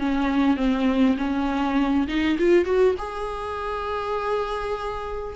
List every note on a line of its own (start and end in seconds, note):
0.00 0.57 C#4
0.57 1.17 C4
1.18 2.08 C#4
2.08 2.38 D#4
2.39 2.66 F4
2.66 2.96 F#4
2.98 5.36 G#4